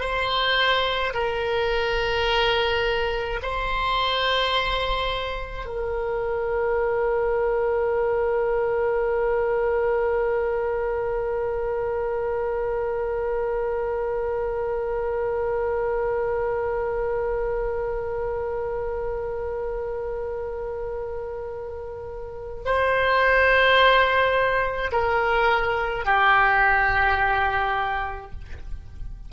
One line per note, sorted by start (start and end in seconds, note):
0.00 1.13 C5
1.13 3.40 A#4
3.42 5.65 C5
5.65 22.63 A#4
22.65 24.91 C5
24.92 26.05 A#4
26.05 28.31 G4